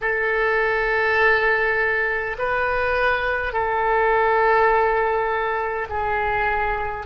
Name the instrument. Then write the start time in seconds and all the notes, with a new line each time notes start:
oboe
0.01 A4
2.38 B4
3.52 A4
5.89 G#4